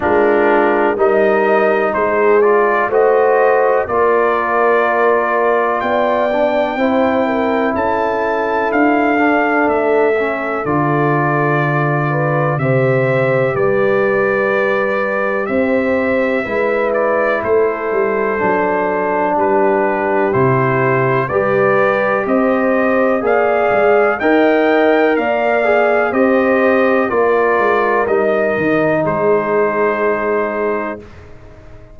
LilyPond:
<<
  \new Staff \with { instrumentName = "trumpet" } { \time 4/4 \tempo 4 = 62 ais'4 dis''4 c''8 d''8 dis''4 | d''2 g''2 | a''4 f''4 e''4 d''4~ | d''4 e''4 d''2 |
e''4. d''8 c''2 | b'4 c''4 d''4 dis''4 | f''4 g''4 f''4 dis''4 | d''4 dis''4 c''2 | }
  \new Staff \with { instrumentName = "horn" } { \time 4/4 f'4 ais'4 gis'4 c''4 | ais'2 d''4 c''8 ais'8 | a'1~ | a'8 b'8 c''4 b'2 |
c''4 b'4 a'2 | g'2 b'4 c''4 | d''4 dis''4 d''4 c''4 | ais'2 gis'2 | }
  \new Staff \with { instrumentName = "trombone" } { \time 4/4 d'4 dis'4. f'8 fis'4 | f'2~ f'8 d'8 e'4~ | e'4. d'4 cis'8 f'4~ | f'4 g'2.~ |
g'4 e'2 d'4~ | d'4 e'4 g'2 | gis'4 ais'4. gis'8 g'4 | f'4 dis'2. | }
  \new Staff \with { instrumentName = "tuba" } { \time 4/4 gis4 g4 gis4 a4 | ais2 b4 c'4 | cis'4 d'4 a4 d4~ | d4 c4 g2 |
c'4 gis4 a8 g8 fis4 | g4 c4 g4 c'4 | ais8 gis8 dis'4 ais4 c'4 | ais8 gis8 g8 dis8 gis2 | }
>>